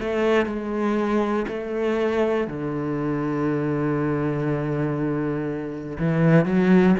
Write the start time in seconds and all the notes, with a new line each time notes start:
0.00 A3
0.46 G#3
1.48 A3
2.48 D3
5.99 E3
6.46 F#3